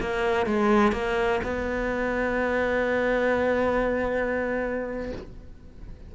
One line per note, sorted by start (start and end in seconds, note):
0.00 0.46 A#3
0.46 0.92 G#3
0.92 1.41 A#3
1.43 5.12 B3